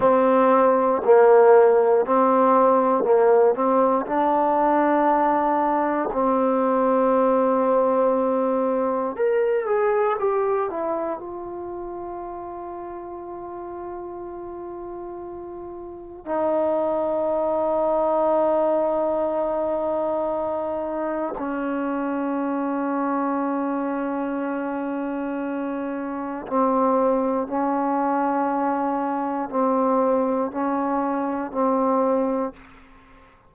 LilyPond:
\new Staff \with { instrumentName = "trombone" } { \time 4/4 \tempo 4 = 59 c'4 ais4 c'4 ais8 c'8 | d'2 c'2~ | c'4 ais'8 gis'8 g'8 e'8 f'4~ | f'1 |
dis'1~ | dis'4 cis'2.~ | cis'2 c'4 cis'4~ | cis'4 c'4 cis'4 c'4 | }